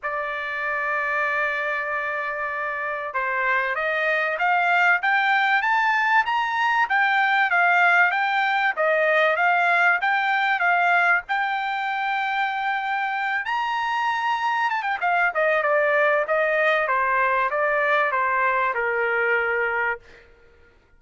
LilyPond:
\new Staff \with { instrumentName = "trumpet" } { \time 4/4 \tempo 4 = 96 d''1~ | d''4 c''4 dis''4 f''4 | g''4 a''4 ais''4 g''4 | f''4 g''4 dis''4 f''4 |
g''4 f''4 g''2~ | g''4. ais''2 a''16 g''16 | f''8 dis''8 d''4 dis''4 c''4 | d''4 c''4 ais'2 | }